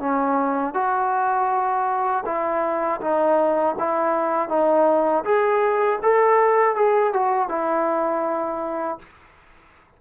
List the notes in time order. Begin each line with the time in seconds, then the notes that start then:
0.00 C#4
0.74 F#4
2.26 E4
3.01 D#4
3.79 E4
4.49 D#4
5.25 G#4
6.03 A4
6.76 G#4
7.14 F#4
7.49 E4